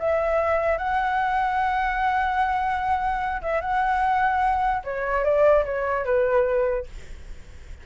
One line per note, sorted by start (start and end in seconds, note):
0.00 0.78 E5
0.78 3.42 F#5
3.42 3.61 E5
3.61 4.83 F#5
4.85 5.25 C#5
5.25 5.65 D5
5.66 6.06 C#5
6.06 6.87 B4